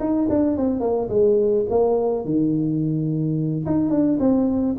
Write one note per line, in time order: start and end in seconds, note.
0.00 0.28 D#4
0.30 0.57 D4
0.57 0.81 C4
0.81 1.09 A#3
1.09 1.65 G#3
1.70 2.25 A#3
2.25 3.65 D#3
3.66 3.90 D#4
3.90 4.19 D4
4.20 4.76 C4